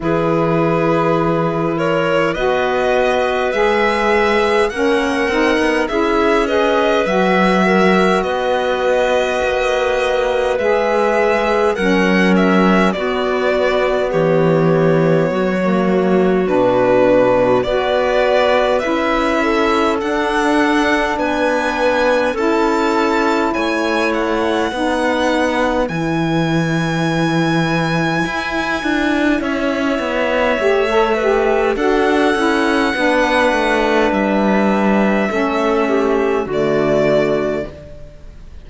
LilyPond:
<<
  \new Staff \with { instrumentName = "violin" } { \time 4/4 \tempo 4 = 51 b'4. cis''8 dis''4 e''4 | fis''4 e''8 dis''8 e''4 dis''4~ | dis''4 e''4 fis''8 e''8 d''4 | cis''2 b'4 d''4 |
e''4 fis''4 gis''4 a''4 | gis''8 fis''4. gis''2~ | gis''4 e''2 fis''4~ | fis''4 e''2 d''4 | }
  \new Staff \with { instrumentName = "clarinet" } { \time 4/4 gis'4. ais'8 b'2 | ais'4 gis'8 b'4 ais'8 b'4~ | b'2 ais'4 fis'4 | g'4 fis'2 b'4~ |
b'8 a'4. b'4 a'4 | cis''4 b'2.~ | b'4 cis''4. b'8 a'4 | b'2 a'8 g'8 fis'4 | }
  \new Staff \with { instrumentName = "saxophone" } { \time 4/4 e'2 fis'4 gis'4 | cis'8 dis'8 e'8 gis'8 fis'2~ | fis'4 gis'4 cis'4 b4~ | b4~ b16 ais8. d'4 fis'4 |
e'4 d'2 e'4~ | e'4 dis'4 e'2~ | e'2 g'16 a'16 g'8 fis'8 e'8 | d'2 cis'4 a4 | }
  \new Staff \with { instrumentName = "cello" } { \time 4/4 e2 b4 gis4 | ais8 c'16 b16 cis'4 fis4 b4 | ais4 gis4 fis4 b4 | e4 fis4 b,4 b4 |
cis'4 d'4 b4 cis'4 | a4 b4 e2 | e'8 d'8 cis'8 b8 a4 d'8 cis'8 | b8 a8 g4 a4 d4 | }
>>